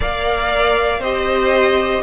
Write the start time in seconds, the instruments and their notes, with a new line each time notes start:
0.00 cello A#3, viola A#4, violin D5 F5
0.99 cello C4, viola G4, violin C5 D#5